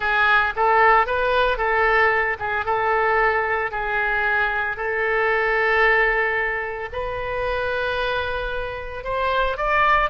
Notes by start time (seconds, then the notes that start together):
0.00 G#4
0.56 A4
1.06 B4
1.57 A4
2.39 G#4
2.65 A4
3.71 G#4
4.76 A4
6.92 B4
9.04 C5
9.57 D5